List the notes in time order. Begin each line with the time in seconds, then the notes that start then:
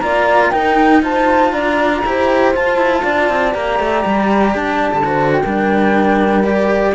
0.00 A#3 F4 D5 A#5
0.50 D#4 A#4 G5
1.02 F4 C5 A5
1.51 D4 D5 A#5
2.04 E4 G4 C5
2.54 F4 A5
2.77 E4
3.03 D4 D5
3.29 C4
3.51 A#3 G4 A#5
3.79 A3
4.05 G3
4.55 D4 A5
4.93 D3
5.04 F#4 C5
5.32 G5
5.43 G3 D4 A#4
6.43 G4 D5